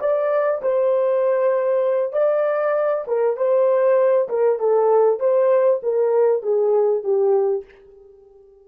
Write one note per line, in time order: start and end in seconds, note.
0.00 0.61 D5
0.62 2.13 C5
2.13 3.04 D5
3.07 3.36 A#4
3.36 4.28 C5
4.29 4.59 A#4
4.59 5.19 A4
5.19 5.80 C5
5.82 6.42 A#4
6.42 7.03 G#4
7.03 7.64 G4